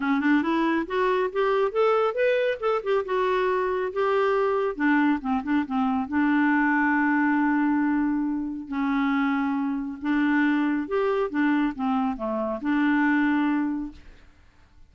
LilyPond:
\new Staff \with { instrumentName = "clarinet" } { \time 4/4 \tempo 4 = 138 cis'8 d'8 e'4 fis'4 g'4 | a'4 b'4 a'8 g'8 fis'4~ | fis'4 g'2 d'4 | c'8 d'8 c'4 d'2~ |
d'1 | cis'2. d'4~ | d'4 g'4 d'4 c'4 | a4 d'2. | }